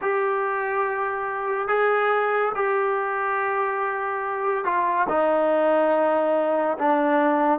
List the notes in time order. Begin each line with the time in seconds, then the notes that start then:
0.01 G4
1.67 G#4
2.55 G4
4.64 F4
5.08 D#4
6.78 D4